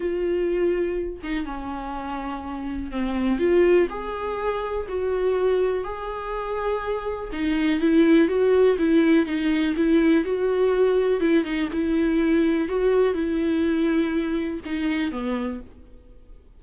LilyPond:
\new Staff \with { instrumentName = "viola" } { \time 4/4 \tempo 4 = 123 f'2~ f'8 dis'8 cis'4~ | cis'2 c'4 f'4 | gis'2 fis'2 | gis'2. dis'4 |
e'4 fis'4 e'4 dis'4 | e'4 fis'2 e'8 dis'8 | e'2 fis'4 e'4~ | e'2 dis'4 b4 | }